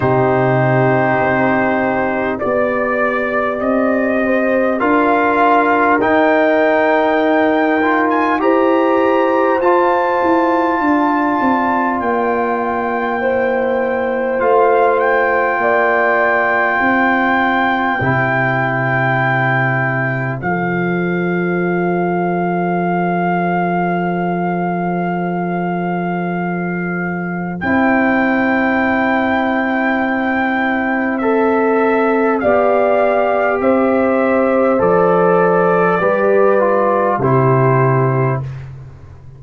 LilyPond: <<
  \new Staff \with { instrumentName = "trumpet" } { \time 4/4 \tempo 4 = 50 c''2 d''4 dis''4 | f''4 g''4.~ g''16 gis''16 ais''4 | a''2 g''2 | f''8 g''2.~ g''8~ |
g''4 f''2.~ | f''2. g''4~ | g''2 e''4 f''4 | e''4 d''2 c''4 | }
  \new Staff \with { instrumentName = "horn" } { \time 4/4 g'2 d''4. c''8 | ais'2. c''4~ | c''4 d''2 c''4~ | c''4 d''4 c''2~ |
c''1~ | c''1~ | c''2. d''4 | c''2 b'4 g'4 | }
  \new Staff \with { instrumentName = "trombone" } { \time 4/4 dis'2 g'2 | f'4 dis'4. f'8 g'4 | f'2. e'4 | f'2. e'4~ |
e'4 a'2.~ | a'2. e'4~ | e'2 a'4 g'4~ | g'4 a'4 g'8 f'8 e'4 | }
  \new Staff \with { instrumentName = "tuba" } { \time 4/4 c4 c'4 b4 c'4 | d'4 dis'2 e'4 | f'8 e'8 d'8 c'8 ais2 | a4 ais4 c'4 c4~ |
c4 f2.~ | f2. c'4~ | c'2. b4 | c'4 f4 g4 c4 | }
>>